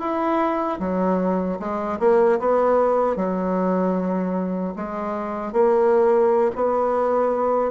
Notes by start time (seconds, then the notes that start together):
0.00 E4
0.80 F#3
1.60 G#3
2.00 A#3
2.39 B3
3.17 F#3
4.76 G#3
5.53 A#3
6.56 B3